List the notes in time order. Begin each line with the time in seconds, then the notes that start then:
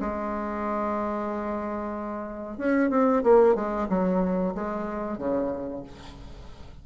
0.00 G#3
2.58 C#4
2.90 C4
3.23 A#3
3.55 G#3
3.89 F#3
4.54 G#3
5.17 C#3